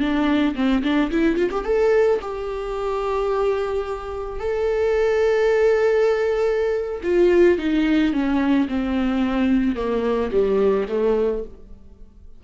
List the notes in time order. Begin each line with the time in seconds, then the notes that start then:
0.00 D4
0.55 C4
0.84 D4
1.11 E4
1.36 F4
1.51 G4
1.65 A4
2.22 G4
4.40 A4
7.04 F4
7.59 D#4
8.13 C#4
8.68 C4
9.76 A#3
10.32 G3
10.89 A3